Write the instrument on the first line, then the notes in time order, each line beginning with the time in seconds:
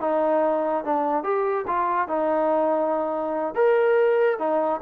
trombone
0.00 D#4
0.84 D4
1.23 G4
1.67 F4
2.08 D#4
3.55 A#4
4.38 D#4